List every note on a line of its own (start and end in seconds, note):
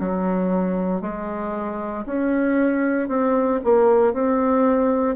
0.00 1.02 F#3
1.02 2.05 G#3
2.07 3.09 C#4
3.09 3.61 C4
3.64 4.14 A#3
4.14 5.16 C4